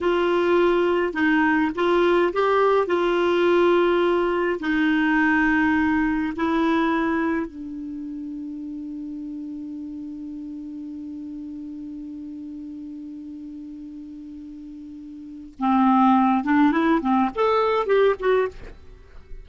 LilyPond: \new Staff \with { instrumentName = "clarinet" } { \time 4/4 \tempo 4 = 104 f'2 dis'4 f'4 | g'4 f'2. | dis'2. e'4~ | e'4 d'2.~ |
d'1~ | d'1~ | d'2. c'4~ | c'8 d'8 e'8 c'8 a'4 g'8 fis'8 | }